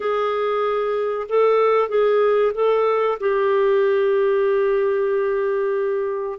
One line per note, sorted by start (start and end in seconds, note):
0.00 1.27 G#4
1.29 1.88 A4
1.88 2.52 G#4
2.54 3.18 A4
3.20 6.39 G4